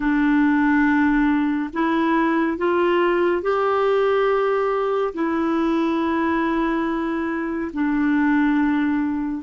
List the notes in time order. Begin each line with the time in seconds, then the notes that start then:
0.00 D4
1.73 E4
2.57 F4
3.42 G4
5.14 E4
7.73 D4